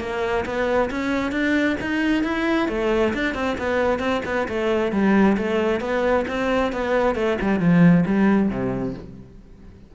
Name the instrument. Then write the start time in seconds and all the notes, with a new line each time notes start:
cello
0.00 A#3
0.46 B3
0.91 C#4
1.32 D4
1.81 D#4
2.24 E4
2.68 A3
3.14 D4
3.35 C4
3.58 B3
3.99 C4
4.25 B3
4.49 A3
4.92 G3
5.37 A3
5.80 B3
6.28 C4
6.73 B3
7.15 A3
7.41 G3
7.60 F3
8.06 G3
8.49 C3